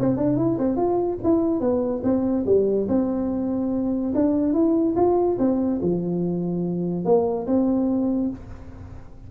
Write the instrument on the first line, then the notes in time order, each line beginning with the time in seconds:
tuba
0.00 C4
0.17 D4
0.37 E4
0.59 C4
0.77 F4
1.24 E4
1.61 B3
2.04 C4
2.46 G3
2.89 C4
4.15 D4
4.53 E4
4.96 F4
5.39 C4
5.82 F3
7.05 A#3
7.47 C4